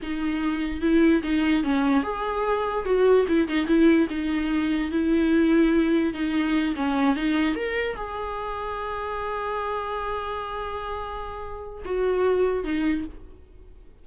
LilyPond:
\new Staff \with { instrumentName = "viola" } { \time 4/4 \tempo 4 = 147 dis'2 e'4 dis'4 | cis'4 gis'2 fis'4 | e'8 dis'8 e'4 dis'2 | e'2. dis'4~ |
dis'8 cis'4 dis'4 ais'4 gis'8~ | gis'1~ | gis'1~ | gis'4 fis'2 dis'4 | }